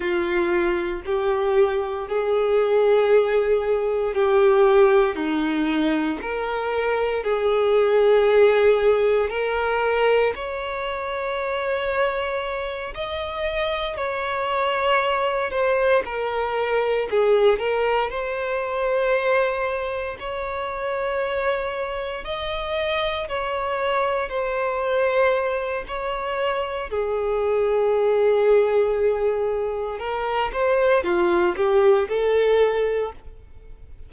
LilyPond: \new Staff \with { instrumentName = "violin" } { \time 4/4 \tempo 4 = 58 f'4 g'4 gis'2 | g'4 dis'4 ais'4 gis'4~ | gis'4 ais'4 cis''2~ | cis''8 dis''4 cis''4. c''8 ais'8~ |
ais'8 gis'8 ais'8 c''2 cis''8~ | cis''4. dis''4 cis''4 c''8~ | c''4 cis''4 gis'2~ | gis'4 ais'8 c''8 f'8 g'8 a'4 | }